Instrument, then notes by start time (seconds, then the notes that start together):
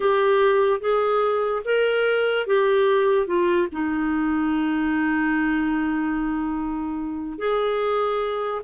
clarinet
0.00 G4
0.80 G#4
1.64 A#4
2.46 G4
3.27 F4
3.72 D#4
7.38 G#4